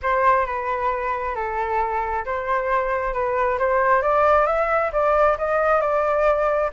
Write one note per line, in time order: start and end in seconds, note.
0.02 0.46 C5
0.46 1.35 B4
1.35 2.24 A4
2.25 3.13 C5
3.13 3.58 B4
3.58 4.02 C5
4.02 4.46 D5
4.46 4.91 E5
4.92 5.37 D5
5.38 5.80 D#5
5.80 6.70 D5